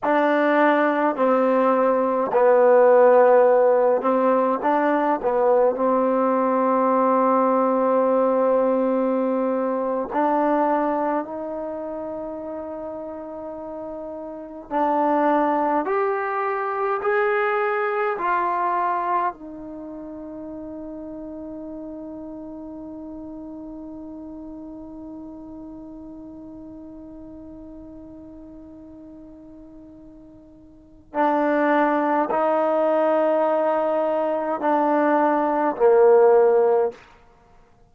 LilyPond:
\new Staff \with { instrumentName = "trombone" } { \time 4/4 \tempo 4 = 52 d'4 c'4 b4. c'8 | d'8 b8 c'2.~ | c'8. d'4 dis'2~ dis'16~ | dis'8. d'4 g'4 gis'4 f'16~ |
f'8. dis'2.~ dis'16~ | dis'1~ | dis'2. d'4 | dis'2 d'4 ais4 | }